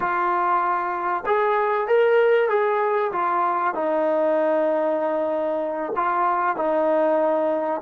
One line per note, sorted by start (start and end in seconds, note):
0.00 1.24 F4
1.26 1.87 G#4
1.87 2.49 A#4
2.49 3.11 G#4
3.12 3.74 F4
3.74 5.93 D#4
5.96 6.56 F4
6.56 7.81 D#4